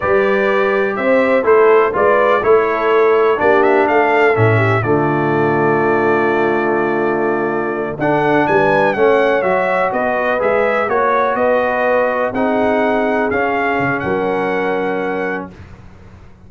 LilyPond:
<<
  \new Staff \with { instrumentName = "trumpet" } { \time 4/4 \tempo 4 = 124 d''2 e''4 c''4 | d''4 cis''2 d''8 e''8 | f''4 e''4 d''2~ | d''1~ |
d''8 fis''4 gis''4 fis''4 e''8~ | e''8 dis''4 e''4 cis''4 dis''8~ | dis''4. fis''2 f''8~ | f''4 fis''2. | }
  \new Staff \with { instrumentName = "horn" } { \time 4/4 b'2 c''4 a'4 | b'4 a'2 g'4 | a'4. g'8 f'2~ | f'1~ |
f'8 a'4 b'4 cis''4.~ | cis''8 b'2 cis''4 b'8~ | b'4. gis'2~ gis'8~ | gis'4 ais'2. | }
  \new Staff \with { instrumentName = "trombone" } { \time 4/4 g'2. e'4 | f'4 e'2 d'4~ | d'4 cis'4 a2~ | a1~ |
a8 d'2 cis'4 fis'8~ | fis'4. gis'4 fis'4.~ | fis'4. dis'2 cis'8~ | cis'1 | }
  \new Staff \with { instrumentName = "tuba" } { \time 4/4 g2 c'4 a4 | gis4 a2 ais4 | a4 a,4 d2~ | d1~ |
d8 d'4 g4 a4 fis8~ | fis8 b4 gis4 ais4 b8~ | b4. c'2 cis'8~ | cis'8 cis8 fis2. | }
>>